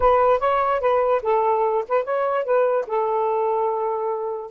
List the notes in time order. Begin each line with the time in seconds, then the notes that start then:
0.00 B4
0.39 C#5
0.80 B4
1.22 A4
1.88 B4
2.03 C#5
2.44 B4
2.86 A4